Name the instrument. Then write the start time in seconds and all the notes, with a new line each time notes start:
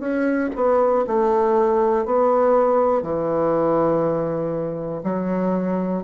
bassoon
0.00 C#4
0.55 B3
1.07 A3
2.05 B3
3.03 E3
5.04 F#3